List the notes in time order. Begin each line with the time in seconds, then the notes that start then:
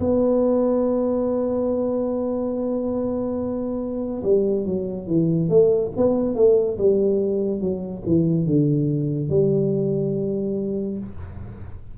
0.00 B3
4.24 G3
4.66 F#3
5.07 E3
5.49 A3
5.97 B3
6.35 A3
6.78 G3
7.61 F#3
8.06 E3
8.46 D3
9.29 G3